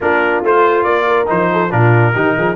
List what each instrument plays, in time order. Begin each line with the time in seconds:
0.01 tuba A#3, trombone D4, horn F4, trumpet A#4
0.43 tuba A3, trombone F4, trumpet C5
0.83 tuba A#3, trumpet D5
1.07 horn A#4
1.26 tuba F3, trombone D#4, trumpet C5
1.52 horn A4
1.71 tuba A#2, trombone D4, horn F4, trumpet A#4
2.13 tuba D#3, trombone D#4, horn G4
2.36 tuba F3, horn G#4